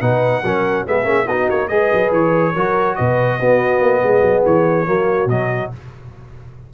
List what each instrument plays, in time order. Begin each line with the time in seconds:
0.00 tuba B2, trombone D#4, horn B4, trumpet F#5
0.43 tuba F#3, trombone C#4, horn A#4
0.86 tuba G#3, trombone B3, horn G#4, trumpet E5
1.04 tuba A#3, trombone C#4
1.26 tuba B3, trombone D#4, horn F#4, trumpet D#5
1.50 tuba A#3, trumpet C#5
1.68 tuba G#3, trombone G#4, horn B4, trumpet D#5
1.93 tuba F#3
2.11 tuba E3, trumpet C#5
2.54 tuba F#3, trombone F#4, horn A#4
2.95 tuba B2, horn B4, trumpet D#5
3.39 tuba B3, trombone B3, horn F#4
3.81 tuba A#3
4.03 tuba G#3, horn G#4
4.21 tuba F#3
4.45 tuba E3, trumpet C#5
4.86 tuba F#3, trombone A#3, horn F#4
5.26 tuba B2, trombone F#3, trumpet D#5